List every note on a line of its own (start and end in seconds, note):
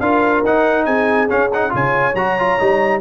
0.00 0.43 D4
0.00 0.45 F4
0.00 0.85 A#4
0.00 0.43 F5
0.44 0.87 D#4
0.44 1.29 D#4
0.44 0.85 F#5
0.85 1.29 C4
0.85 1.71 G#4
0.85 1.28 G#5
1.29 1.50 C#4
1.29 1.74 C#4
1.29 1.51 F5
1.53 1.70 D#4
1.53 1.74 F#5
1.70 2.15 C#3
1.70 2.12 F4
1.70 3.01 C#5
1.70 2.16 G#5
2.15 2.58 F#3
2.15 2.39 F#4
2.15 3.01 A#5
2.39 2.59 F4
2.59 3.01 G3
2.59 3.01 D#4